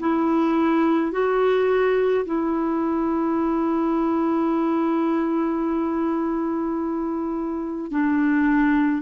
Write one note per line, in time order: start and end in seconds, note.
0.00 1.12 E4
1.12 2.25 F#4
2.25 7.91 E4
7.91 9.02 D4